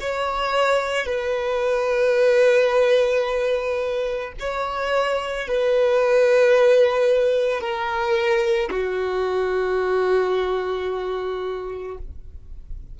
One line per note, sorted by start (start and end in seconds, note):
0.00 1.05 C#5
1.05 4.32 B4
4.39 5.47 C#5
5.47 7.60 B4
7.60 8.69 A#4
8.70 11.98 F#4